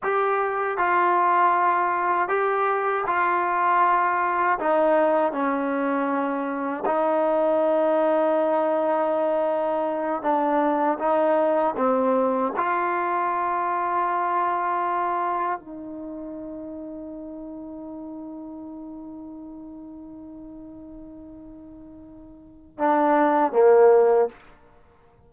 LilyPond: \new Staff \with { instrumentName = "trombone" } { \time 4/4 \tempo 4 = 79 g'4 f'2 g'4 | f'2 dis'4 cis'4~ | cis'4 dis'2.~ | dis'4. d'4 dis'4 c'8~ |
c'8 f'2.~ f'8~ | f'8 dis'2.~ dis'8~ | dis'1~ | dis'2 d'4 ais4 | }